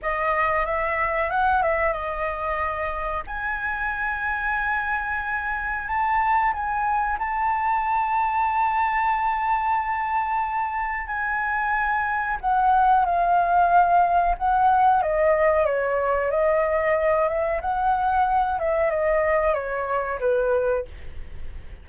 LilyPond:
\new Staff \with { instrumentName = "flute" } { \time 4/4 \tempo 4 = 92 dis''4 e''4 fis''8 e''8 dis''4~ | dis''4 gis''2.~ | gis''4 a''4 gis''4 a''4~ | a''1~ |
a''4 gis''2 fis''4 | f''2 fis''4 dis''4 | cis''4 dis''4. e''8 fis''4~ | fis''8 e''8 dis''4 cis''4 b'4 | }